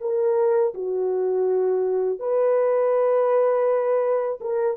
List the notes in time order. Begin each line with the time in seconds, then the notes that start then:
0.00 A#4
0.74 F#4
2.19 B4
4.40 A#4